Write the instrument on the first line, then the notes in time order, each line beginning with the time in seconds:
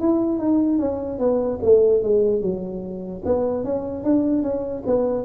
tuba
0.00 E4
0.39 D#4
0.79 C#4
1.19 B3
1.62 A3
2.03 G#3
2.41 F#3
3.25 B3
3.64 C#4
4.04 D4
4.43 C#4
4.86 B3